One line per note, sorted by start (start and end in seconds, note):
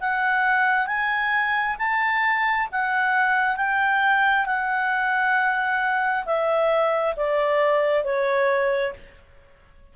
0.00 0.86 F#5
0.86 1.76 G#5
1.78 2.68 A5
2.72 3.56 F#5
3.56 4.45 G5
4.45 6.24 F#5
6.25 7.15 E5
7.16 8.04 D5
8.04 8.93 C#5